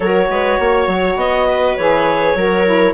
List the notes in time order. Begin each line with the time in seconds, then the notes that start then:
0.00 F#3 F#4 A#4 C#5
0.29 G#3 B4
0.59 A#3 C#5
0.87 F#3
1.16 B3 D#5
1.47 B4
1.76 E3 G#4 C#5
2.35 F#3 F#4 A#4
2.65 E4